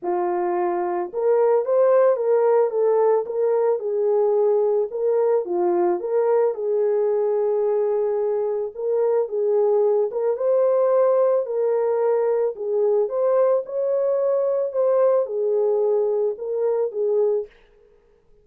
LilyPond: \new Staff \with { instrumentName = "horn" } { \time 4/4 \tempo 4 = 110 f'2 ais'4 c''4 | ais'4 a'4 ais'4 gis'4~ | gis'4 ais'4 f'4 ais'4 | gis'1 |
ais'4 gis'4. ais'8 c''4~ | c''4 ais'2 gis'4 | c''4 cis''2 c''4 | gis'2 ais'4 gis'4 | }